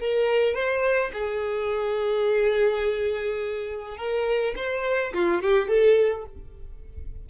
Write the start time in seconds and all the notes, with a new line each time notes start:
0.00 A#4
0.54 C5
1.13 G#4
3.97 A#4
4.56 C5
5.14 F4
5.42 G4
5.68 A4